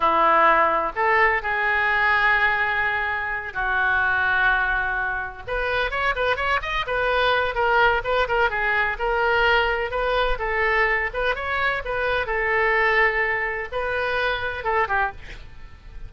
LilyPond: \new Staff \with { instrumentName = "oboe" } { \time 4/4 \tempo 4 = 127 e'2 a'4 gis'4~ | gis'2.~ gis'8 fis'8~ | fis'2.~ fis'8 b'8~ | b'8 cis''8 b'8 cis''8 dis''8 b'4. |
ais'4 b'8 ais'8 gis'4 ais'4~ | ais'4 b'4 a'4. b'8 | cis''4 b'4 a'2~ | a'4 b'2 a'8 g'8 | }